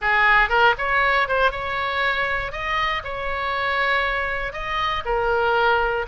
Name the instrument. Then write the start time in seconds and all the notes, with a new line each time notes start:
oboe
0.01 G#4
0.49 A#4
0.78 C#5
1.28 C5
1.51 C#5
2.52 D#5
3.03 C#5
4.52 D#5
5.05 A#4